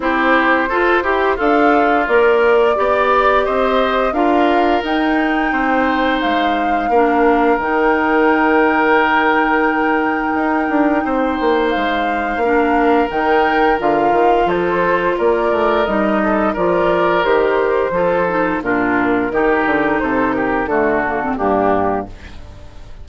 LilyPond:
<<
  \new Staff \with { instrumentName = "flute" } { \time 4/4 \tempo 4 = 87 c''2 f''4 d''4~ | d''4 dis''4 f''4 g''4~ | g''4 f''2 g''4~ | g''1~ |
g''4 f''2 g''4 | f''4 c''4 d''4 dis''4 | d''4 c''2 ais'4~ | ais'4 c''8 ais'8 a'4 g'4 | }
  \new Staff \with { instrumentName = "oboe" } { \time 4/4 g'4 a'8 g'8 f'2 | d''4 c''4 ais'2 | c''2 ais'2~ | ais'1 |
c''2 ais'2~ | ais'4 a'4 ais'4. a'8 | ais'2 a'4 f'4 | g'4 a'8 g'8 fis'4 d'4 | }
  \new Staff \with { instrumentName = "clarinet" } { \time 4/4 e'4 f'8 g'8 a'4 ais'4 | g'2 f'4 dis'4~ | dis'2 d'4 dis'4~ | dis'1~ |
dis'2 d'4 dis'4 | f'2. dis'4 | f'4 g'4 f'8 dis'8 d'4 | dis'2 a8 ais16 c'16 ais4 | }
  \new Staff \with { instrumentName = "bassoon" } { \time 4/4 c'4 f'8 e'8 d'4 ais4 | b4 c'4 d'4 dis'4 | c'4 gis4 ais4 dis4~ | dis2. dis'8 d'8 |
c'8 ais8 gis4 ais4 dis4 | d8 dis8 f4 ais8 a8 g4 | f4 dis4 f4 ais,4 | dis8 d8 c4 d4 g,4 | }
>>